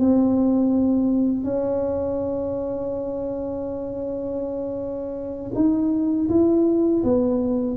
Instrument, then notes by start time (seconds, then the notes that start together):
tuba
0.00 C4
1.44 C#4
5.55 D#4
6.29 E4
7.04 B3